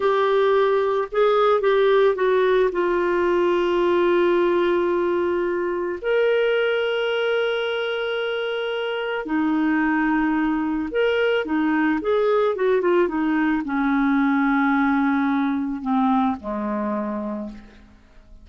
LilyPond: \new Staff \with { instrumentName = "clarinet" } { \time 4/4 \tempo 4 = 110 g'2 gis'4 g'4 | fis'4 f'2.~ | f'2. ais'4~ | ais'1~ |
ais'4 dis'2. | ais'4 dis'4 gis'4 fis'8 f'8 | dis'4 cis'2.~ | cis'4 c'4 gis2 | }